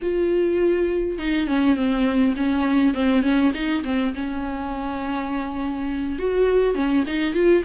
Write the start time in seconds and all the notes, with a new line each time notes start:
0.02 F4
1.18 D#4
1.47 C#4
1.76 C4
2.36 C#4
2.94 C4
3.22 C#4
3.53 D#4
3.84 C4
4.14 C#4
6.18 F#4
6.74 C#4
7.06 D#4
7.33 F4